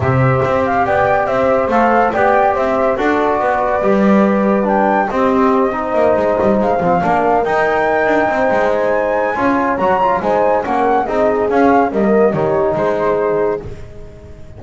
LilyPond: <<
  \new Staff \with { instrumentName = "flute" } { \time 4/4 \tempo 4 = 141 e''4. f''8 g''4 e''4 | f''4 g''4 e''4 d''4~ | d''2. g''4 | dis''2.~ dis''8 f''8~ |
f''4. g''2~ g''8~ | g''8 gis''2~ gis''8 ais''4 | gis''4 fis''4 dis''4 f''4 | dis''4 cis''4 c''2 | }
  \new Staff \with { instrumentName = "horn" } { \time 4/4 c''2 d''4 c''4~ | c''4 d''4 c''4 a'4 | b'1 | g'4. c''2~ c''8~ |
c''8 ais'2. c''8~ | c''2 cis''2 | c''4 ais'4 gis'2 | ais'4 g'4 gis'2 | }
  \new Staff \with { instrumentName = "trombone" } { \time 4/4 g'1 | a'4 g'2 fis'4~ | fis'4 g'2 d'4 | c'4. dis'2~ dis'8 |
c'8 d'4 dis'2~ dis'8~ | dis'2 f'4 fis'8 f'8 | dis'4 cis'4 dis'4 cis'4 | ais4 dis'2. | }
  \new Staff \with { instrumentName = "double bass" } { \time 4/4 c4 c'4 b4 c'4 | a4 b4 c'4 d'4 | b4 g2. | c'2 ais8 gis8 g8 gis8 |
f8 ais4 dis'4. d'8 c'8 | gis2 cis'4 fis4 | gis4 ais4 c'4 cis'4 | g4 dis4 gis2 | }
>>